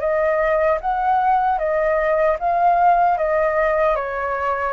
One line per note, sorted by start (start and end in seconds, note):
0.00 0.79 D#5
0.81 1.58 F#5
1.58 2.37 D#5
2.39 3.18 F5
3.18 3.96 D#5
3.96 4.73 C#5